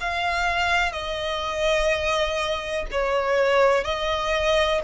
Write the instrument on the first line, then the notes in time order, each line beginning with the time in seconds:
violin
0.00 F5
0.92 D#5
2.91 C#5
3.84 D#5